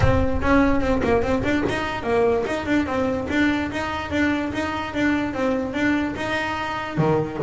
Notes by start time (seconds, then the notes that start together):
0.00 C4
0.41 C#4
0.80 C4
1.03 A#3
1.22 C4
1.43 D4
1.68 D#4
2.03 A#3
2.46 D#4
2.66 D4
2.86 C4
3.29 D4
3.71 D#4
4.11 D4
4.53 D#4
4.94 D4
5.33 C4
5.73 D4
6.16 D#4
6.97 D#3